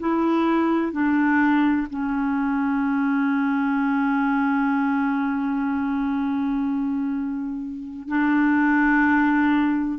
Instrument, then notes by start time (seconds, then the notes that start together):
clarinet
0.00 E4
0.93 D4
1.90 C#4
8.09 D4